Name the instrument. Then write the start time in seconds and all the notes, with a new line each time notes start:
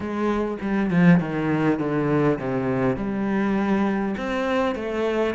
cello
0.00 G#3
0.61 G3
0.90 F3
1.19 D#3
1.79 D3
2.39 C3
2.96 G3
4.17 C4
4.75 A3